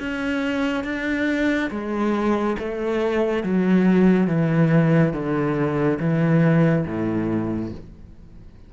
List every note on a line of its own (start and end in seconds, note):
0.00 0.84 C#4
0.84 1.70 D4
1.71 2.56 G#3
2.59 3.44 A3
3.44 4.27 F#3
4.27 5.13 E3
5.13 5.99 D3
6.00 6.86 E3
6.86 7.72 A2